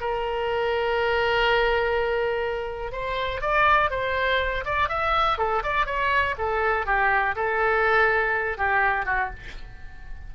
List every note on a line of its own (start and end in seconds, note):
0.00 2.92 A#4
2.92 3.41 C5
3.41 3.90 D5
3.90 4.64 C5
4.64 4.88 D5
4.88 5.38 E5
5.38 5.62 A4
5.63 5.86 D5
5.86 6.35 C#5
6.38 6.86 A4
6.86 7.35 G4
7.35 8.57 A4
8.57 9.05 G4
9.05 9.30 F#4